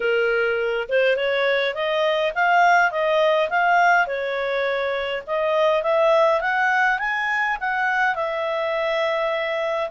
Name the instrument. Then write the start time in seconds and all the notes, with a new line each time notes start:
clarinet
0.00 A#4
0.88 C5
1.16 C#5
1.74 D#5
2.35 F5
2.91 D#5
3.49 F5
4.06 C#5
5.27 D#5
5.82 E5
6.41 F#5
6.98 G#5
7.60 F#5
8.15 E5